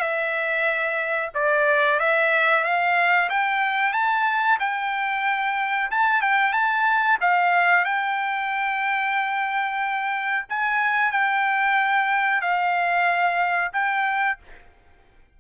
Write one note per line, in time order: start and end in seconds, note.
0.00 1.30 E5
1.35 2.00 D5
2.00 2.64 E5
2.64 3.29 F5
3.30 3.93 G5
3.93 4.58 A5
4.59 5.90 G5
5.91 6.22 A5
6.22 6.53 G5
6.53 7.18 A5
7.21 7.85 F5
7.85 10.46 G5
10.49 11.11 G#5
11.11 12.41 G5
12.41 13.72 F5
13.73 14.38 G5